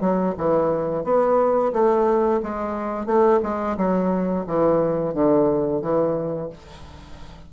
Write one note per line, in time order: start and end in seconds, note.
0.00 0.34 F#3
0.37 1.04 E3
1.04 1.72 B3
1.72 2.40 A3
2.43 3.06 G#3
3.06 3.40 A3
3.42 3.77 G#3
3.77 4.45 F#3
4.46 5.14 E3
5.14 5.81 D3
5.81 6.50 E3